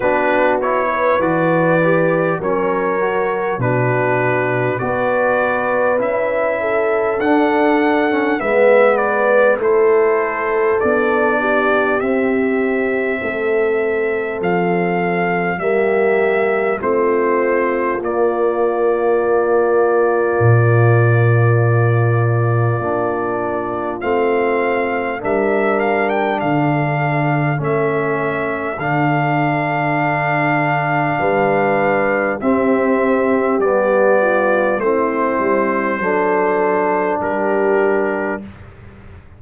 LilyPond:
<<
  \new Staff \with { instrumentName = "trumpet" } { \time 4/4 \tempo 4 = 50 b'8 cis''8 d''4 cis''4 b'4 | d''4 e''4 fis''4 e''8 d''8 | c''4 d''4 e''2 | f''4 e''4 c''4 d''4~ |
d''1 | f''4 e''8 f''16 g''16 f''4 e''4 | f''2. e''4 | d''4 c''2 ais'4 | }
  \new Staff \with { instrumentName = "horn" } { \time 4/4 fis'8. b'4~ b'16 ais'4 fis'4 | b'4. a'4. b'4 | a'4. g'4. a'4~ | a'4 g'4 f'2~ |
f'1~ | f'4 ais'4 a'2~ | a'2 b'4 g'4~ | g'8 f'8 e'4 a'4 g'4 | }
  \new Staff \with { instrumentName = "trombone" } { \time 4/4 d'8 e'8 fis'8 g'8 cis'8 fis'8 d'4 | fis'4 e'4 d'8. cis'16 b4 | e'4 d'4 c'2~ | c'4 ais4 c'4 ais4~ |
ais2. d'4 | c'4 d'2 cis'4 | d'2. c'4 | b4 c'4 d'2 | }
  \new Staff \with { instrumentName = "tuba" } { \time 4/4 b4 e4 fis4 b,4 | b4 cis'4 d'4 gis4 | a4 b4 c'4 a4 | f4 g4 a4 ais4~ |
ais4 ais,2 ais4 | a4 g4 d4 a4 | d2 g4 c'4 | g4 a8 g8 fis4 g4 | }
>>